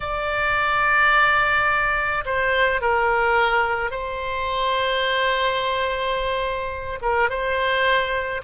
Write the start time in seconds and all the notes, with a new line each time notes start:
0.00 D5
2.25 C5
2.81 A#4
3.90 C5
7.01 A#4
7.29 C5